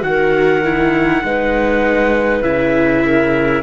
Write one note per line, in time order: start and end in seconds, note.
0.00 1.22 D#3
0.00 0.60 F#4
0.00 2.42 F#5
0.07 1.25 A#4
0.64 1.24 E4
1.24 2.42 G#3
1.24 2.43 D#4
1.24 3.04 B4
2.42 3.62 C#3
2.42 3.62 E4
2.42 3.62 E5
3.04 3.62 A#4